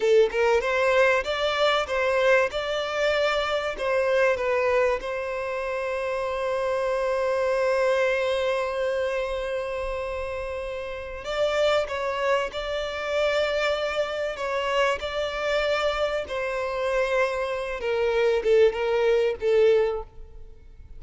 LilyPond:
\new Staff \with { instrumentName = "violin" } { \time 4/4 \tempo 4 = 96 a'8 ais'8 c''4 d''4 c''4 | d''2 c''4 b'4 | c''1~ | c''1~ |
c''2 d''4 cis''4 | d''2. cis''4 | d''2 c''2~ | c''8 ais'4 a'8 ais'4 a'4 | }